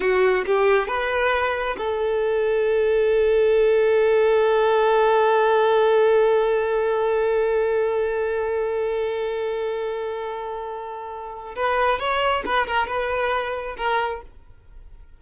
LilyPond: \new Staff \with { instrumentName = "violin" } { \time 4/4 \tempo 4 = 135 fis'4 g'4 b'2 | a'1~ | a'1~ | a'1~ |
a'1~ | a'1~ | a'2 b'4 cis''4 | b'8 ais'8 b'2 ais'4 | }